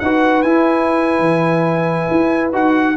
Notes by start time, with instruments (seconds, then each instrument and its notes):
0.00 tuba D#4, trombone F#4, horn B4, trumpet F#5
0.43 tuba E4, trombone E4, trumpet G#5
1.20 tuba E3
2.11 tuba E4
2.53 tuba D#4, trombone F#4, trumpet F#5